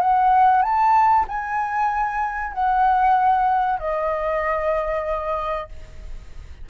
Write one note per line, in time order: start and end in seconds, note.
0.00 0.62 F#5
0.62 1.25 A5
1.28 2.53 G#5
2.53 3.79 F#5
3.80 5.69 D#5